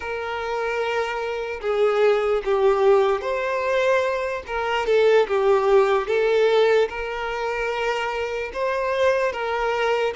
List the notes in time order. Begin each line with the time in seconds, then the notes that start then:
0.00 A#4
1.61 G#4
2.44 G4
3.21 C5
4.46 A#4
4.86 A4
5.27 G4
6.07 A4
6.89 A#4
8.53 C5
9.32 A#4